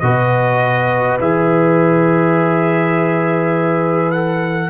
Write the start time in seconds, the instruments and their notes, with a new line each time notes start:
0.00 tuba B2, trombone F#4, horn B4, trumpet D#5
1.19 tuba E3, trombone G#4, trumpet E5
4.12 trombone A4, trumpet F#5